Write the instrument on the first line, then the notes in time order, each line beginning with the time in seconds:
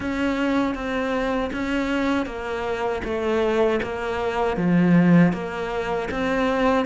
cello
0.00 C#4
0.74 C4
1.53 C#4
2.26 A#3
3.03 A3
3.83 A#3
4.56 F3
5.32 A#3
6.10 C4